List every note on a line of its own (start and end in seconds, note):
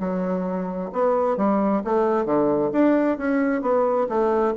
0.00 0.91 F#3
0.93 1.37 B3
1.37 1.83 G3
1.85 2.26 A3
2.26 2.71 D3
2.73 3.18 D4
3.18 3.62 C#4
3.62 4.08 B3
4.09 4.55 A3